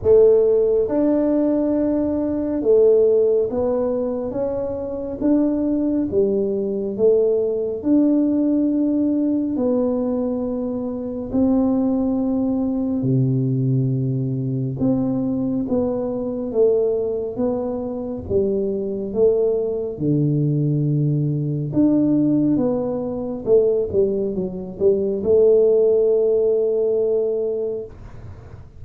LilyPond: \new Staff \with { instrumentName = "tuba" } { \time 4/4 \tempo 4 = 69 a4 d'2 a4 | b4 cis'4 d'4 g4 | a4 d'2 b4~ | b4 c'2 c4~ |
c4 c'4 b4 a4 | b4 g4 a4 d4~ | d4 d'4 b4 a8 g8 | fis8 g8 a2. | }